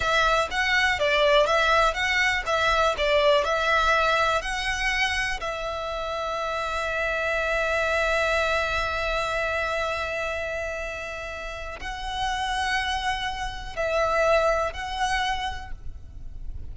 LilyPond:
\new Staff \with { instrumentName = "violin" } { \time 4/4 \tempo 4 = 122 e''4 fis''4 d''4 e''4 | fis''4 e''4 d''4 e''4~ | e''4 fis''2 e''4~ | e''1~ |
e''1~ | e''1 | fis''1 | e''2 fis''2 | }